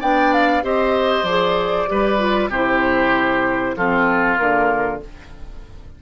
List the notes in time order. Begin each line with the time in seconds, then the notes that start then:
0.00 B3 D4 D5 G5
0.33 F5
0.62 C4 G4 C5 D#5
1.23 F3 G#4 D5
1.87 G3 G4 B4
2.18 F4
2.49 C3 E4 G4 C5
3.76 F3 C4 F4 A4
4.37 D3 A#3 A#4